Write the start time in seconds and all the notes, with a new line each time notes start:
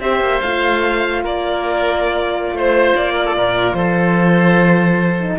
0.00 C4 G4 C5 E5
0.21 A#3
0.41 A3 F4 F5
1.24 A#3 A#4 D5
2.52 A3 C5
2.97 A#3 D5
3.14 A#4
3.26 A4
3.37 A#2 A#4
3.74 F3 A4 C5
5.20 D#4